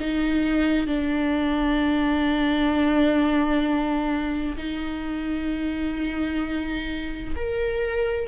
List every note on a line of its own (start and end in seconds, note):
0.00 0.87 D#4
0.87 4.56 D4
4.57 7.34 D#4
7.36 8.27 A#4